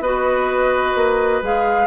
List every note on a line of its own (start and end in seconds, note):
0.00 0.94 B3
0.00 1.43 F#4
0.00 1.87 B4
0.00 1.43 D#5
0.95 1.42 A#3
1.42 1.87 G#3
1.42 1.87 G#4
1.42 1.87 F5